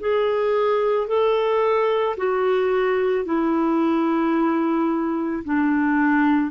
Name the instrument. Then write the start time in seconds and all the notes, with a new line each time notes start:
clarinet
0.00 G#4
1.08 A4
2.17 F#4
3.25 E4
5.44 D4